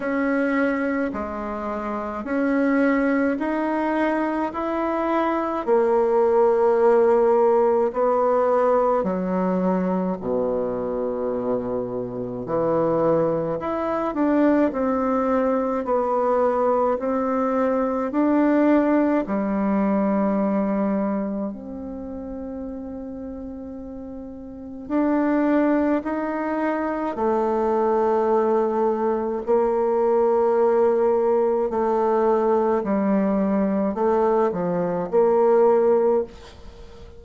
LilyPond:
\new Staff \with { instrumentName = "bassoon" } { \time 4/4 \tempo 4 = 53 cis'4 gis4 cis'4 dis'4 | e'4 ais2 b4 | fis4 b,2 e4 | e'8 d'8 c'4 b4 c'4 |
d'4 g2 c'4~ | c'2 d'4 dis'4 | a2 ais2 | a4 g4 a8 f8 ais4 | }